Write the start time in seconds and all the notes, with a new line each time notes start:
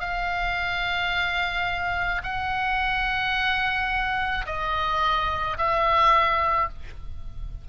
0.00 F5
2.24 F#5
4.46 D#5
5.58 E5